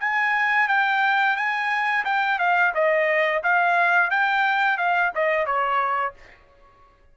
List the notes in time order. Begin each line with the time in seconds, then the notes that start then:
0.00 G#5
0.68 G5
1.36 G#5
2.05 G5
2.39 F5
2.75 D#5
3.43 F5
4.10 G5
4.78 F5
5.15 D#5
5.46 C#5